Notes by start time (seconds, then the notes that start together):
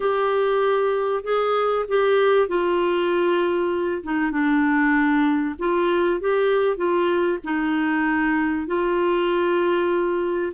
0.00 G4
1.23 G#4
1.88 G4
2.48 F4
4.03 D#4
4.31 D4
5.58 F4
6.20 G4
6.76 F4
7.44 D#4
8.66 F4